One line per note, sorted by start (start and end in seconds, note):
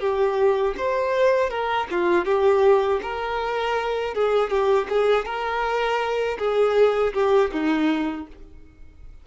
0.00 0.75 G4
0.77 1.50 C5
1.50 1.88 A#4
1.91 2.26 F4
2.26 3.01 G4
3.03 4.15 A#4
4.15 4.50 G#4
4.50 4.88 G4
4.89 5.25 G#4
5.25 6.38 A#4
6.39 7.14 G#4
7.14 7.51 G4
7.52 8.27 D#4